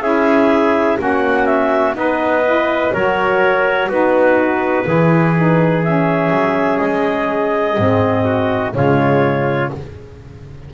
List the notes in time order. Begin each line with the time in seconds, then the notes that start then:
0.00 C#4 E4 G#4 E5
0.98 A#3 C#4 F#4 F#5
1.45 E5
1.94 B3 D#4 B4 D#5
2.44 E4
2.93 F#3 F#4 A#4 C#5
3.88 B3 D#4 F#4 B4
4.86 E3 E4 G#4
5.36 D#4
5.83 C#4 E5
6.30 F#3
6.78 G#3 D#5
7.76 G#2 C4
8.24 F#4
8.72 C#3 G#3 F4 C#5